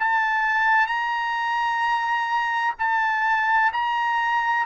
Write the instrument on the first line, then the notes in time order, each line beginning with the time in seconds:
trumpet
0.00 A5
0.87 A#5
2.79 A5
3.73 A#5